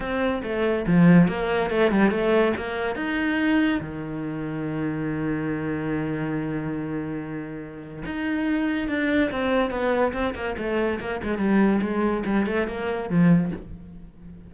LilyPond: \new Staff \with { instrumentName = "cello" } { \time 4/4 \tempo 4 = 142 c'4 a4 f4 ais4 | a8 g8 a4 ais4 dis'4~ | dis'4 dis2.~ | dis1~ |
dis2. dis'4~ | dis'4 d'4 c'4 b4 | c'8 ais8 a4 ais8 gis8 g4 | gis4 g8 a8 ais4 f4 | }